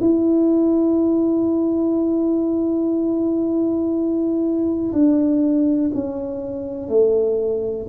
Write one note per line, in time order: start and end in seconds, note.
0.00 4.92 E4
4.93 5.91 D4
5.94 6.89 C#4
6.89 7.87 A3